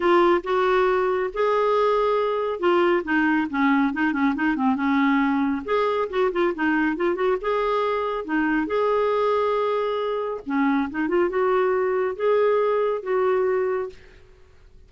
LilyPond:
\new Staff \with { instrumentName = "clarinet" } { \time 4/4 \tempo 4 = 138 f'4 fis'2 gis'4~ | gis'2 f'4 dis'4 | cis'4 dis'8 cis'8 dis'8 c'8 cis'4~ | cis'4 gis'4 fis'8 f'8 dis'4 |
f'8 fis'8 gis'2 dis'4 | gis'1 | cis'4 dis'8 f'8 fis'2 | gis'2 fis'2 | }